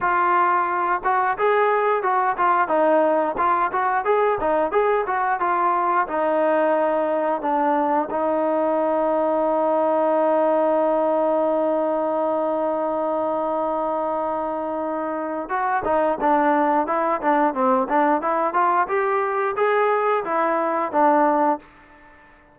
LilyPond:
\new Staff \with { instrumentName = "trombone" } { \time 4/4 \tempo 4 = 89 f'4. fis'8 gis'4 fis'8 f'8 | dis'4 f'8 fis'8 gis'8 dis'8 gis'8 fis'8 | f'4 dis'2 d'4 | dis'1~ |
dis'1~ | dis'2. fis'8 dis'8 | d'4 e'8 d'8 c'8 d'8 e'8 f'8 | g'4 gis'4 e'4 d'4 | }